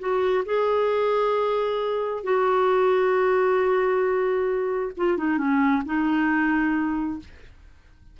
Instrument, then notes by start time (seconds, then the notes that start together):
clarinet
0.00 F#4
0.46 G#4
2.24 F#4
4.97 F4
5.18 D#4
5.38 C#4
5.86 D#4